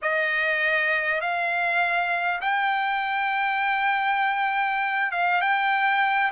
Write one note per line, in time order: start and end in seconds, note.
0.02 1.20 D#5
1.20 2.40 F5
2.41 5.11 G5
5.11 5.41 F5
5.41 6.31 G5